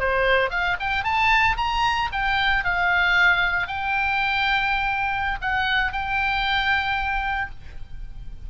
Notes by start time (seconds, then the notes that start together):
0.00 C5
0.50 F5
0.80 G5
1.04 A5
1.57 A#5
2.12 G5
2.64 F5
3.68 G5
5.42 F#5
5.92 G5